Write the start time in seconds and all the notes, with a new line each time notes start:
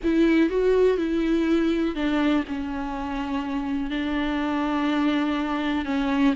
0.03 E4
0.49 F#4
0.97 E4
1.95 D4
2.47 C#4
3.90 D4
5.85 C#4